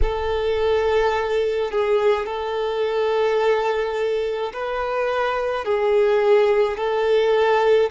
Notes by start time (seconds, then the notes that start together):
0.02 A4
1.71 G#4
2.26 A4
4.53 B4
5.64 G#4
6.77 A4